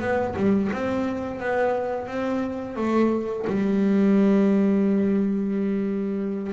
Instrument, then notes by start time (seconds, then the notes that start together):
double bass
0.00 B3
0.36 G3
0.72 C4
1.39 B3
2.07 C4
2.76 A3
3.47 G3